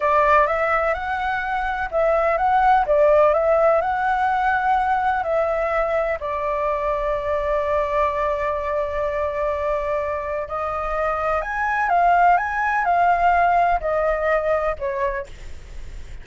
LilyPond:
\new Staff \with { instrumentName = "flute" } { \time 4/4 \tempo 4 = 126 d''4 e''4 fis''2 | e''4 fis''4 d''4 e''4 | fis''2. e''4~ | e''4 d''2.~ |
d''1~ | d''2 dis''2 | gis''4 f''4 gis''4 f''4~ | f''4 dis''2 cis''4 | }